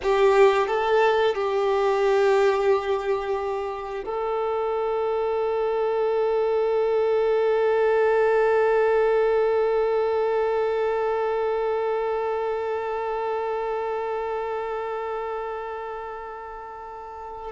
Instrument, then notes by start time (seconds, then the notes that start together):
violin
0.02 G4
0.67 A4
1.34 G4
4.04 A4